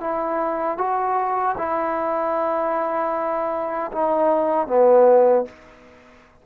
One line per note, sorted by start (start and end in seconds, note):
0.00 0.77 E4
0.77 1.55 F#4
1.57 3.91 E4
3.92 4.67 D#4
4.67 5.45 B3